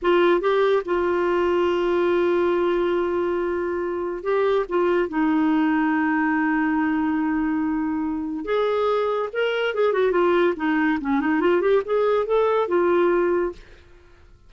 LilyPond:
\new Staff \with { instrumentName = "clarinet" } { \time 4/4 \tempo 4 = 142 f'4 g'4 f'2~ | f'1~ | f'2 g'4 f'4 | dis'1~ |
dis'1 | gis'2 ais'4 gis'8 fis'8 | f'4 dis'4 cis'8 dis'8 f'8 g'8 | gis'4 a'4 f'2 | }